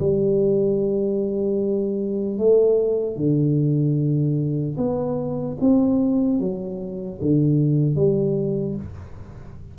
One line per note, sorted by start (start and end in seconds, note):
0.00 2.39 G3
2.39 3.17 A3
3.17 4.77 D3
4.77 5.57 B3
5.61 6.40 C4
6.40 7.20 F#3
7.22 7.96 D3
7.96 8.76 G3